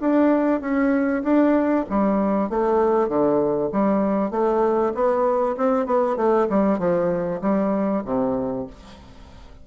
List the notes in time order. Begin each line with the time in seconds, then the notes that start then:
0.00 D4
0.60 C#4
1.23 D4
1.89 G3
2.49 A3
3.08 D3
3.71 G3
4.30 A3
4.94 B3
5.57 C4
5.86 B3
6.16 A3
6.49 G3
6.78 F3
7.41 G3
8.04 C3